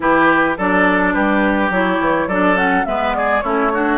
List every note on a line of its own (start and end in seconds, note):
0.00 0.56 E3
0.00 0.55 E4
0.00 0.57 G4
0.00 0.57 B4
0.57 1.15 F#3
0.57 1.72 D4
0.57 1.13 A4
0.57 1.13 D5
1.13 1.69 G3
1.13 2.27 G4
1.13 1.70 B4
1.69 1.98 F#3
1.69 2.29 E4
1.69 2.28 C#5
2.00 2.27 E3
2.27 2.84 F#3
2.27 2.55 D4
2.27 2.85 A4
2.27 2.56 D5
2.55 2.84 C#4
2.55 2.85 F#5
2.85 3.43 G#3
2.85 3.42 B3
2.85 3.16 B4
2.85 3.13 E5
3.14 3.43 G#4
3.14 3.40 D5
3.40 3.97 A3
3.40 3.71 C#4
3.40 3.72 E4
3.40 3.97 C#5
3.72 3.97 D4
3.72 3.97 F#4